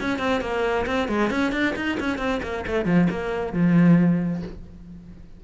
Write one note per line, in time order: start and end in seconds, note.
0.00 0.18 C#4
0.18 0.41 C4
0.41 0.85 A#3
0.86 1.08 C4
1.08 1.30 G#3
1.30 1.52 C#4
1.52 1.74 D4
1.76 1.98 D#4
2.00 2.18 C#4
2.18 2.41 C4
2.42 2.65 A#3
2.67 2.85 A3
2.85 3.08 F3
3.10 3.53 A#3
3.53 4.42 F3